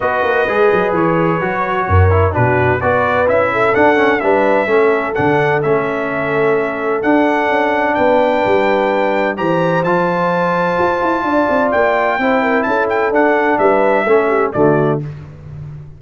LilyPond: <<
  \new Staff \with { instrumentName = "trumpet" } { \time 4/4 \tempo 4 = 128 dis''2 cis''2~ | cis''4 b'4 d''4 e''4 | fis''4 e''2 fis''4 | e''2. fis''4~ |
fis''4 g''2. | ais''4 a''2.~ | a''4 g''2 a''8 g''8 | fis''4 e''2 d''4 | }
  \new Staff \with { instrumentName = "horn" } { \time 4/4 b'1 | ais'4 fis'4 b'4. a'8~ | a'4 b'4 a'2~ | a'1~ |
a'4 b'2. | c''1 | d''2 c''8 ais'8 a'4~ | a'4 b'4 a'8 g'8 fis'4 | }
  \new Staff \with { instrumentName = "trombone" } { \time 4/4 fis'4 gis'2 fis'4~ | fis'8 e'8 d'4 fis'4 e'4 | d'8 cis'8 d'4 cis'4 d'4 | cis'2. d'4~ |
d'1 | g'4 f'2.~ | f'2 e'2 | d'2 cis'4 a4 | }
  \new Staff \with { instrumentName = "tuba" } { \time 4/4 b8 ais8 gis8 fis8 e4 fis4 | fis,4 b,4 b4 cis'4 | d'4 g4 a4 d4 | a2. d'4 |
cis'4 b4 g2 | e4 f2 f'8 e'8 | d'8 c'8 ais4 c'4 cis'4 | d'4 g4 a4 d4 | }
>>